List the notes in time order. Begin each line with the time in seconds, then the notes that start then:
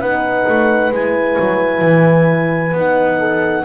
0.00 B3 D#4 B4 F#5
0.48 A3
0.91 G#3 E4 G#5
1.39 F#3
1.82 E3
2.72 B3 D#4 F#5
3.19 A4